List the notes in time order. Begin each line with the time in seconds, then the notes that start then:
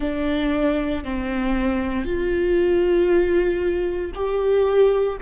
0.00 D4
1.03 C4
2.04 F4
4.14 G4